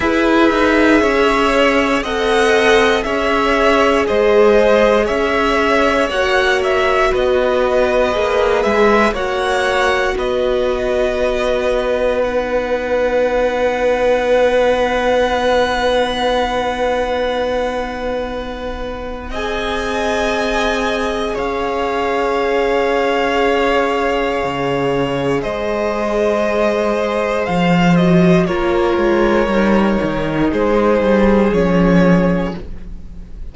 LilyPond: <<
  \new Staff \with { instrumentName = "violin" } { \time 4/4 \tempo 4 = 59 e''2 fis''4 e''4 | dis''4 e''4 fis''8 e''8 dis''4~ | dis''8 e''8 fis''4 dis''2 | fis''1~ |
fis''2. gis''4~ | gis''4 f''2.~ | f''4 dis''2 f''8 dis''8 | cis''2 c''4 cis''4 | }
  \new Staff \with { instrumentName = "violin" } { \time 4/4 b'4 cis''4 dis''4 cis''4 | c''4 cis''2 b'4~ | b'4 cis''4 b'2~ | b'1~ |
b'2. dis''4~ | dis''4 cis''2.~ | cis''4 c''2. | ais'2 gis'2 | }
  \new Staff \with { instrumentName = "viola" } { \time 4/4 gis'2 a'4 gis'4~ | gis'2 fis'2 | gis'4 fis'2. | dis'1~ |
dis'2. gis'4~ | gis'1~ | gis'2.~ gis'8 fis'8 | f'4 dis'2 cis'4 | }
  \new Staff \with { instrumentName = "cello" } { \time 4/4 e'8 dis'8 cis'4 c'4 cis'4 | gis4 cis'4 ais4 b4 | ais8 gis8 ais4 b2~ | b1~ |
b2. c'4~ | c'4 cis'2. | cis4 gis2 f4 | ais8 gis8 g8 dis8 gis8 g8 f4 | }
>>